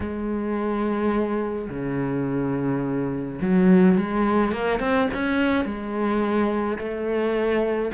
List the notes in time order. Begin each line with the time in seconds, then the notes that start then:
0.00 G#3
1.69 C#3
3.41 F#3
3.97 G#3
4.52 A#3
4.79 C4
5.13 C#4
5.64 G#3
6.78 A3